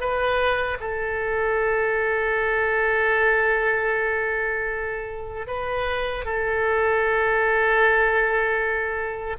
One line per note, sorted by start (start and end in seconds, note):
0.00 0.78 B4
0.80 5.47 A4
5.47 6.25 B4
6.25 9.36 A4